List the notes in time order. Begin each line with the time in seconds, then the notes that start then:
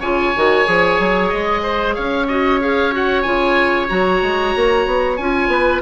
0.00 C#3 F4 C#5 G#5
0.36 D#3 F#4
0.65 F3 G#4
1.00 F#3
1.30 G#3 D#5
1.63 C5
1.94 C#4 C#5 F5
2.28 F#4 D#5
2.60 G#4 F5
2.92 F#4 F#5
3.22 C#3 F4 G#5
3.88 F#3 F#4 A#5
4.22 G#3
4.56 A#3
4.86 B3
5.17 C#4 F4 G#5
5.48 B3 B4